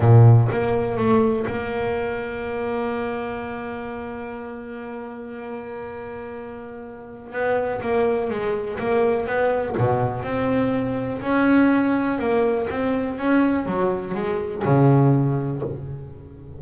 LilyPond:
\new Staff \with { instrumentName = "double bass" } { \time 4/4 \tempo 4 = 123 ais,4 ais4 a4 ais4~ | ais1~ | ais1~ | ais2. b4 |
ais4 gis4 ais4 b4 | b,4 c'2 cis'4~ | cis'4 ais4 c'4 cis'4 | fis4 gis4 cis2 | }